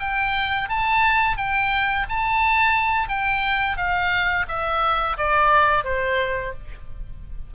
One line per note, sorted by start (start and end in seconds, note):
0.00 0.69 G5
0.69 1.37 A5
1.37 2.06 G5
2.09 3.08 A5
3.08 3.77 G5
3.77 4.46 F5
4.48 5.17 E5
5.17 5.84 D5
5.84 6.53 C5